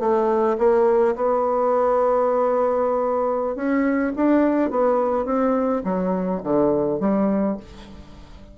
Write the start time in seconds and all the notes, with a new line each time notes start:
0.00 A3
0.58 A#3
1.16 B3
3.56 C#4
4.16 D4
4.71 B3
5.25 C4
5.84 F#3
6.43 D3
7.00 G3